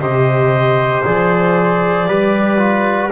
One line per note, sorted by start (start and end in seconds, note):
0.00 1.04 C3
0.00 1.05 G4
0.00 2.08 C5
0.00 1.03 D#5
1.04 2.08 F3
1.04 2.08 G#4
1.04 3.11 D5
2.08 3.11 G3
2.08 2.58 G4
2.08 3.12 B4
2.58 3.10 F4